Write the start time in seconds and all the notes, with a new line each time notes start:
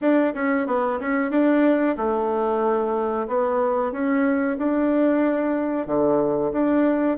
0.01 D4
0.34 C#4
0.66 B3
1.00 C#4
1.30 D4
1.97 A3
3.27 B3
3.92 C#4
4.58 D4
5.86 D3
6.52 D4